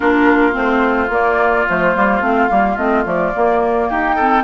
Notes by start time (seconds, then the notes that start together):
0.00 A#3 D4 F4 A#4
0.52 A3 C4 C5
1.09 A#3 D5
1.68 F3 A3 C5
1.95 G3 A#3
2.20 A3 C4 F5
2.49 G3 A#3
2.77 A3 C4 D#5
3.05 F3 A3 D5
3.34 A#3
3.89 D#4 G4 G5
4.15 C4 A4